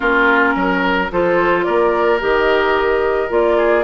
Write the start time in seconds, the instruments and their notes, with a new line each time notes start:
0.00 bassoon A#3, clarinet C#4, oboe F4, flute A#4
0.55 bassoon F#3, oboe A#4
1.11 bassoon F3, clarinet F4, oboe A4, flute C5
1.63 bassoon A#3, oboe A#4, flute D5
2.19 bassoon D#3, clarinet G4, flute D#5
3.29 bassoon A#3, clarinet F4, flute D5
3.57 oboe G#4